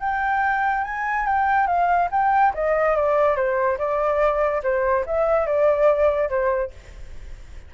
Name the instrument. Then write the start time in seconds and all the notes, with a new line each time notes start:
flute
0.00 G5
0.84 G#5
1.26 G5
1.67 F5
2.11 G5
2.54 D#5
2.96 D5
3.36 C5
3.78 D5
4.63 C5
5.06 E5
5.46 D5
6.29 C5